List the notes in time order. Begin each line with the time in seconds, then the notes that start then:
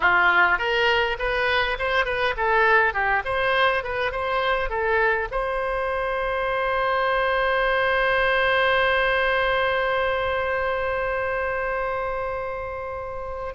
0.00 F4
0.58 A#4
1.18 B4
1.78 C5
2.05 B4
2.36 A4
2.93 G4
3.25 C5
3.83 B4
4.11 C5
4.69 A4
5.31 C5